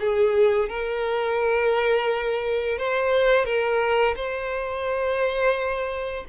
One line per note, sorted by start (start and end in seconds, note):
0.00 0.69 G#4
0.69 2.78 A#4
2.78 3.45 C5
3.45 4.15 A#4
4.16 6.25 C5